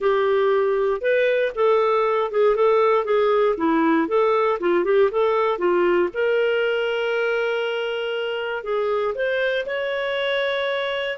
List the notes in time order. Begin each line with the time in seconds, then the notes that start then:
0.00 G4
1.01 B4
1.55 A4
2.31 G#4
2.55 A4
3.04 G#4
3.57 E4
4.07 A4
4.59 F4
4.84 G4
5.11 A4
5.58 F4
6.13 A#4
8.63 G#4
9.14 C5
9.66 C#5